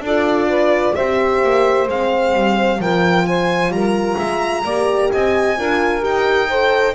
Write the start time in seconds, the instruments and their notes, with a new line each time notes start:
0.00 double bass D4, horn F4, saxophone A4, violin D5
0.49 saxophone B4
0.95 double bass C4, horn G4, saxophone C5, violin E5
1.44 double bass A#3
1.88 double bass G#3, horn C4, violin F5
2.34 double bass G3
2.79 double bass F3, horn F4, saxophone A#4, violin G5
3.27 saxophone C5, violin G#5
3.69 double bass G3, violin A#5
3.76 saxophone A#4
4.16 double bass G#3, saxophone E5
4.64 double bass A#3, horn G4, saxophone D5
5.12 double bass C4, saxophone D#5, violin G#5
5.57 double bass D4, horn F4, saxophone A#4
6.01 double bass D#4, horn G4, violin G5
6.49 horn A4, saxophone C5